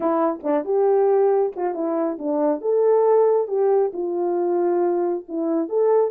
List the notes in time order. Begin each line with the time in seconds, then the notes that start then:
0.00 E4
0.43 D4
0.64 G4
1.55 F4
1.74 E4
2.18 D4
2.61 A4
3.47 G4
3.93 F4
5.28 E4
5.68 A4